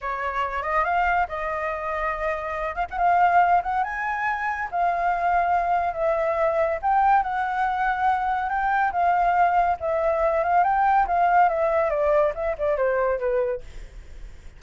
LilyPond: \new Staff \with { instrumentName = "flute" } { \time 4/4 \tempo 4 = 141 cis''4. dis''8 f''4 dis''4~ | dis''2~ dis''8 f''16 fis''16 f''4~ | f''8 fis''8 gis''2 f''4~ | f''2 e''2 |
g''4 fis''2. | g''4 f''2 e''4~ | e''8 f''8 g''4 f''4 e''4 | d''4 e''8 d''8 c''4 b'4 | }